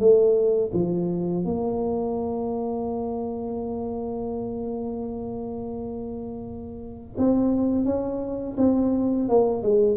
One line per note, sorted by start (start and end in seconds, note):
0.00 0.71 A3
0.74 1.45 F3
1.45 7.17 A#3
7.18 7.85 C4
7.85 8.56 C#4
8.58 9.29 C4
9.29 9.63 A#3
9.63 9.97 G#3